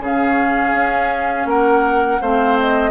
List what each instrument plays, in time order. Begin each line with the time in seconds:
0.00 bassoon C#3, clarinet C#4, oboe G#4, flute F5
0.73 bassoon C#4
1.46 bassoon A#3, oboe A#4, flute F#5
2.22 bassoon A3, clarinet C4, oboe C5, flute F5
2.60 flute D#5